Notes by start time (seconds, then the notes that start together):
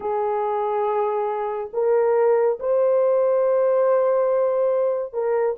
0.00 G#4
1.73 A#4
2.59 C5
5.13 A#4